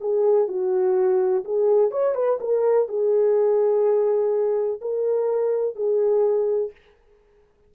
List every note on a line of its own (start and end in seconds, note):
0.00 0.48 G#4
0.48 1.44 F#4
1.44 1.91 G#4
1.91 2.15 C#5
2.15 2.39 B4
2.40 2.88 A#4
2.88 4.80 G#4
4.81 5.76 A#4
5.76 6.72 G#4